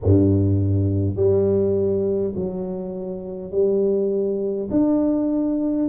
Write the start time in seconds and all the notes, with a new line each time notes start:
0.03 G2
1.16 G3
2.35 F#3
3.51 G3
4.71 D4